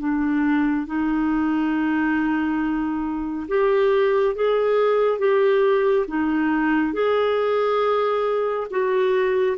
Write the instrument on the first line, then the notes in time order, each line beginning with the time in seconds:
clarinet
0.00 D4
0.87 D#4
3.49 G4
4.36 G#4
5.19 G4
6.08 D#4
6.94 G#4
8.71 F#4